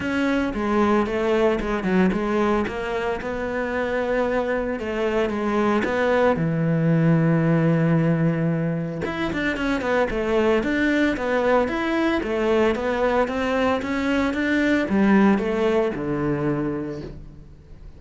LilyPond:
\new Staff \with { instrumentName = "cello" } { \time 4/4 \tempo 4 = 113 cis'4 gis4 a4 gis8 fis8 | gis4 ais4 b2~ | b4 a4 gis4 b4 | e1~ |
e4 e'8 d'8 cis'8 b8 a4 | d'4 b4 e'4 a4 | b4 c'4 cis'4 d'4 | g4 a4 d2 | }